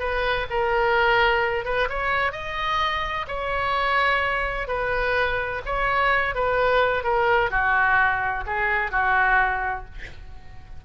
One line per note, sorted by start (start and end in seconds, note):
0.00 0.47 B4
0.50 1.65 A#4
1.65 1.89 B4
1.90 2.32 C#5
2.32 3.26 D#5
3.28 4.68 C#5
4.68 5.62 B4
5.66 6.35 C#5
6.35 7.04 B4
7.04 7.51 A#4
7.51 8.45 F#4
8.47 8.92 G#4
8.92 9.85 F#4